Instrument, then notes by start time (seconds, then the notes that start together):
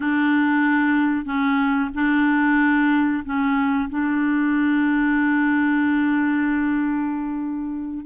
clarinet
0.00 D4
1.25 C#4
1.94 D4
3.24 C#4
3.89 D4